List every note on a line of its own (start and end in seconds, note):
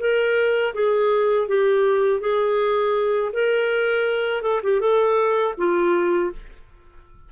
0.00 0.74 A#4
0.75 1.48 G#4
1.48 2.21 G4
2.21 3.32 G#4
3.33 4.43 A#4
4.43 4.61 A4
4.64 4.81 G4
4.81 5.55 A4
5.58 6.32 F4